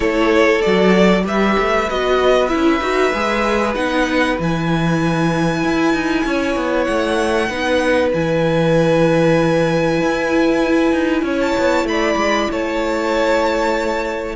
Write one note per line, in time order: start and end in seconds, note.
0.00 0.61 A3
0.00 0.62 E4
0.00 1.23 A4
0.00 0.61 C#5
0.61 1.25 F#3
0.61 1.24 F#4
0.61 1.24 D5
1.24 1.56 G3
1.24 1.86 G4
1.24 6.25 B4
1.24 1.89 E5
1.58 1.90 A3
1.89 2.53 B3
1.89 2.48 F#4
1.89 2.47 D#5
2.47 2.79 E4
2.47 3.72 E5
2.54 2.80 C#4
2.80 3.12 D#4
2.80 3.12 F#4
3.14 3.75 G#3
3.14 3.74 G#4
3.74 4.37 B3
3.74 4.37 D#4
3.74 4.37 F#5
4.37 5.63 E3
4.37 7.50 E4
4.37 6.83 G#5
5.63 5.93 E4
5.93 6.24 D#4
6.24 6.56 C#4
6.24 7.49 C#5
6.56 6.87 B3
6.83 7.49 A3
6.83 8.08 F#5
7.49 8.12 B3
7.49 8.13 D#4
7.49 11.24 B4
8.13 10.01 E3
8.13 14.35 E4
8.13 11.39 G#5
10.01 10.92 E4
10.92 11.21 D#4
11.21 11.53 C#4
11.21 11.87 C#5
11.39 11.86 A5
11.57 11.84 B3
11.84 12.15 A3
11.84 12.50 B5
11.91 12.51 D5
12.16 12.47 G#3
12.50 14.35 A3
12.50 14.35 C#5
12.50 14.35 A5